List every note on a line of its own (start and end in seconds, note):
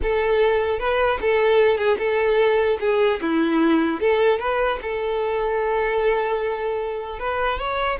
0.02 0.79 A4
0.79 1.19 B4
1.21 1.77 A4
1.77 1.97 G#4
1.98 2.78 A4
2.79 3.19 G#4
3.21 4.00 E4
4.00 4.39 A4
4.39 4.79 B4
4.82 7.19 A4
7.19 7.58 B4
7.58 7.98 C#5